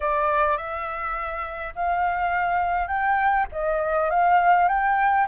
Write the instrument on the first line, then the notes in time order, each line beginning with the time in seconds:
flute
0.00 D5
0.57 E5
1.75 F5
2.87 G5
3.51 D#5
4.10 F5
4.68 G5